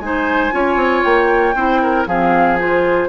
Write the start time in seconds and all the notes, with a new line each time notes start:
0.00 G#3 D#4 G#5
0.06 C5
0.52 C#4 F4 C#5
0.76 C4
1.04 A#3 G5
1.55 C4 E4 C5
1.83 A#4
2.07 F3 C4 G#4 F5
2.60 F4 C5